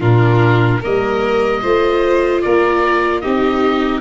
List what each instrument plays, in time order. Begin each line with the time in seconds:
0.00 tuba A#2, viola D4, violin F4, oboe A#4
0.80 tuba G3, viola A#3, violin A#4, oboe D#5
1.62 tuba A3, viola F4, violin C5
2.42 tuba A#3, violin A#4, oboe D5
3.20 tuba C4, viola D#4, violin G4, oboe D#5